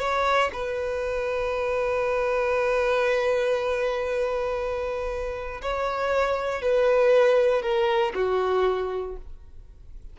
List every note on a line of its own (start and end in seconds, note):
0.00 0.51 C#5
0.53 5.62 B4
5.62 6.62 C#5
6.62 7.62 B4
7.62 8.13 A#4
8.15 9.17 F#4